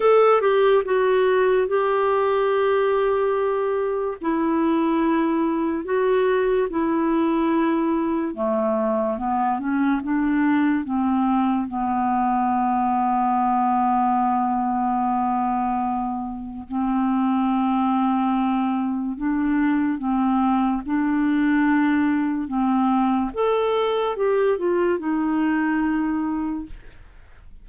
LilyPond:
\new Staff \with { instrumentName = "clarinet" } { \time 4/4 \tempo 4 = 72 a'8 g'8 fis'4 g'2~ | g'4 e'2 fis'4 | e'2 a4 b8 cis'8 | d'4 c'4 b2~ |
b1 | c'2. d'4 | c'4 d'2 c'4 | a'4 g'8 f'8 dis'2 | }